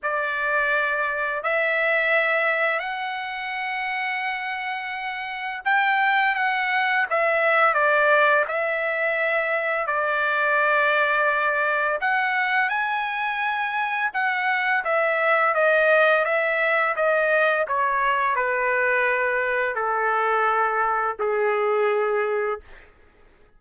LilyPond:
\new Staff \with { instrumentName = "trumpet" } { \time 4/4 \tempo 4 = 85 d''2 e''2 | fis''1 | g''4 fis''4 e''4 d''4 | e''2 d''2~ |
d''4 fis''4 gis''2 | fis''4 e''4 dis''4 e''4 | dis''4 cis''4 b'2 | a'2 gis'2 | }